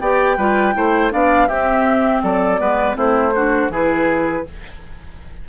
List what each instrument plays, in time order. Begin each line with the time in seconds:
0.00 bassoon B3, clarinet G4, oboe D5, flute G5
0.37 bassoon G3, clarinet F4, oboe B4
0.74 bassoon A3, clarinet E4, oboe C5
1.11 bassoon B3, clarinet D4, oboe D5, flute F5
1.48 bassoon C4, clarinet C4, oboe G4, flute E5
2.23 bassoon F#3, oboe A4, flute D5
2.58 bassoon G#3, clarinet B3, oboe B4
2.95 bassoon A3, clarinet C4, oboe E4, flute C5
3.35 clarinet D4, oboe F#4
3.69 bassoon E3, clarinet E4, oboe G#4, flute B4